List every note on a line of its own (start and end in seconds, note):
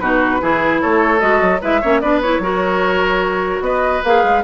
0.00 0.41 B2
0.00 0.41 D#4
0.00 0.42 F#4
0.00 0.81 B4
0.41 0.82 E3
0.41 1.20 E4
0.41 0.82 G#4
0.81 1.22 A3
0.81 1.61 A4
0.81 1.21 C#5
1.20 1.42 G#3
1.20 1.60 F#4
1.20 1.61 D#5
1.42 1.62 F#3
1.61 1.83 G#3
1.61 1.82 E4
1.61 1.81 B4
1.61 2.01 E5
1.81 2.03 A#3
1.81 2.03 C#4
1.81 2.02 C#5
2.01 2.40 B3
2.01 2.23 D4
2.01 2.42 B4
2.01 2.21 D5
2.22 2.43 E4
2.22 3.63 C#5
2.40 3.60 F#3
2.40 4.04 F#4
2.40 3.64 A#4
3.61 4.01 B3
3.61 4.44 B4
3.61 4.03 D#5
4.04 4.24 A#3
4.04 4.44 G#4
4.04 4.44 F5
4.24 4.44 G#3